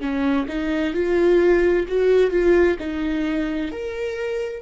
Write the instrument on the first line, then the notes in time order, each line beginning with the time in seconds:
viola
0.00 C#4
0.48 D#4
0.94 F4
1.88 F#4
2.31 F4
2.79 D#4
3.72 A#4